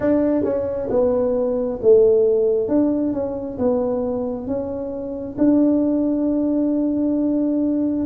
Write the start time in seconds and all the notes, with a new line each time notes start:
0.00 D4
0.44 C#4
0.90 B3
1.82 A3
2.68 D4
3.13 C#4
3.58 B3
4.47 C#4
5.38 D4